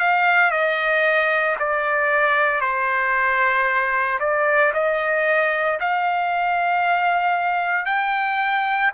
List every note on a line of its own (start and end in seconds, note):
0.00 0.51 F5
0.51 1.56 D#5
1.60 2.61 D5
2.61 4.19 C5
4.20 4.73 D5
4.74 5.79 D#5
5.80 7.86 F5
7.86 8.91 G5